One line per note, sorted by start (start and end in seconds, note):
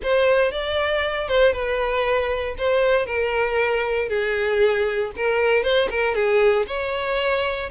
0.03 0.51 C5
0.51 1.28 D5
1.28 1.52 C5
1.52 2.55 B4
2.58 3.06 C5
3.06 4.08 A#4
4.08 5.11 G#4
5.16 5.63 A#4
5.63 5.88 C5
5.90 6.14 A#4
6.14 6.66 G#4
6.67 7.69 C#5